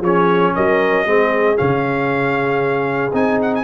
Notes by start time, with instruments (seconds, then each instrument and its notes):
0.00 tuba F3, trombone C#4, horn G#4, trumpet C#5
0.55 tuba F#3, horn A#4, trumpet D#5
1.05 tuba G#3, trombone C4, horn G#4
1.56 tuba C#3, trombone C#4, trumpet F5
3.13 tuba C4, trombone D#4, trumpet G#5
3.41 trumpet F#5
3.55 trumpet G#5